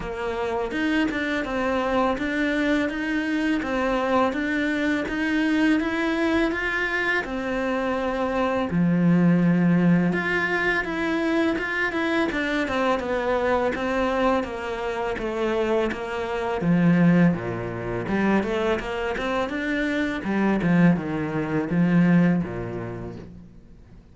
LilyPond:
\new Staff \with { instrumentName = "cello" } { \time 4/4 \tempo 4 = 83 ais4 dis'8 d'8 c'4 d'4 | dis'4 c'4 d'4 dis'4 | e'4 f'4 c'2 | f2 f'4 e'4 |
f'8 e'8 d'8 c'8 b4 c'4 | ais4 a4 ais4 f4 | ais,4 g8 a8 ais8 c'8 d'4 | g8 f8 dis4 f4 ais,4 | }